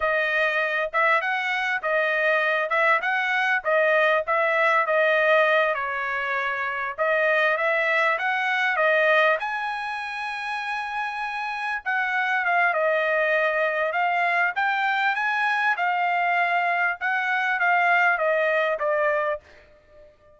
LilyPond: \new Staff \with { instrumentName = "trumpet" } { \time 4/4 \tempo 4 = 99 dis''4. e''8 fis''4 dis''4~ | dis''8 e''8 fis''4 dis''4 e''4 | dis''4. cis''2 dis''8~ | dis''8 e''4 fis''4 dis''4 gis''8~ |
gis''2.~ gis''8 fis''8~ | fis''8 f''8 dis''2 f''4 | g''4 gis''4 f''2 | fis''4 f''4 dis''4 d''4 | }